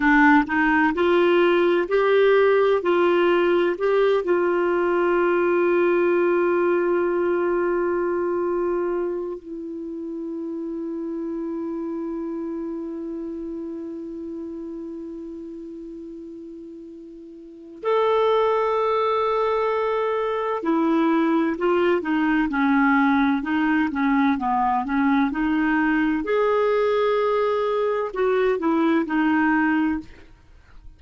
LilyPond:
\new Staff \with { instrumentName = "clarinet" } { \time 4/4 \tempo 4 = 64 d'8 dis'8 f'4 g'4 f'4 | g'8 f'2.~ f'8~ | f'2 e'2~ | e'1~ |
e'2. a'4~ | a'2 e'4 f'8 dis'8 | cis'4 dis'8 cis'8 b8 cis'8 dis'4 | gis'2 fis'8 e'8 dis'4 | }